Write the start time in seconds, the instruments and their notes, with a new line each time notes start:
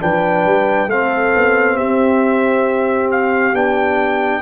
0.00 tuba F3, trombone D4, horn B4, trumpet G5
0.45 tuba G3
0.87 tuba A3, trombone C4, horn A4, trumpet F5
1.35 tuba B3
1.76 tuba C4, horn G4, trumpet E5
3.11 trumpet F5
3.53 tuba B3, trombone D4, trumpet G5